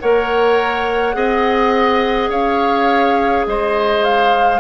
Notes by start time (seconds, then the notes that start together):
0.00 A#3 A#4 C#5 F#5
1.13 C4 G#4 D#5
2.29 C#4 C#5 F5
3.46 G#3 C5 D#5
4.04 F5